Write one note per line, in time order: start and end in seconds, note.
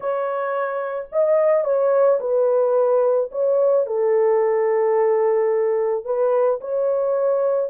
0.00 1.08 C#5
1.12 1.64 D#5
1.64 2.19 C#5
2.20 3.30 B4
3.31 3.86 C#5
3.86 6.04 A4
6.04 6.59 B4
6.61 7.70 C#5